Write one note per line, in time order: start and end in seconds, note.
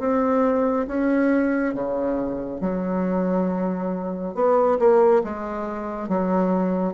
0.00 0.87 C4
0.87 1.74 C#4
1.74 2.61 C#3
2.61 4.35 F#3
4.35 4.79 B3
4.79 5.23 A#3
5.24 6.09 G#3
6.09 6.94 F#3